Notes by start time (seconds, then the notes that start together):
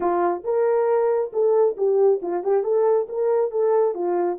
0.00 F4
0.44 A#4
1.32 A4
1.77 G4
2.22 F4
2.43 G4
2.63 A4
3.09 A#4
3.51 A4
3.94 F4